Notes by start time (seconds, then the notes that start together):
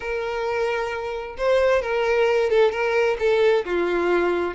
0.00 A#4
1.37 C5
1.82 A#4
2.50 A4
2.71 A#4
3.19 A4
3.65 F4